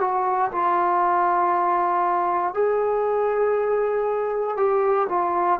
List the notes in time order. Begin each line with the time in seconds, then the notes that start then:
0.00 F#4
0.52 F4
2.53 G#4
4.56 G4
5.08 F4